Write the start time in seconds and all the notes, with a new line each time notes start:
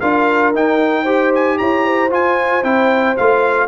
0.00 D4 F4 A#4 F5
0.54 D#4 G5
1.03 G4 C5
1.35 G#5
1.58 E4 C#5 A#5
1.85 C5
2.10 F4 G#5
2.63 C4 E4 G5
3.17 A3 F4 F5